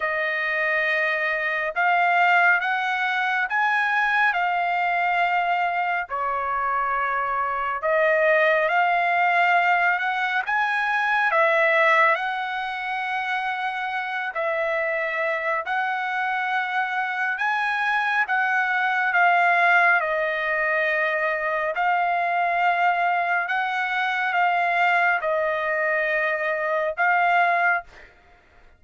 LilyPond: \new Staff \with { instrumentName = "trumpet" } { \time 4/4 \tempo 4 = 69 dis''2 f''4 fis''4 | gis''4 f''2 cis''4~ | cis''4 dis''4 f''4. fis''8 | gis''4 e''4 fis''2~ |
fis''8 e''4. fis''2 | gis''4 fis''4 f''4 dis''4~ | dis''4 f''2 fis''4 | f''4 dis''2 f''4 | }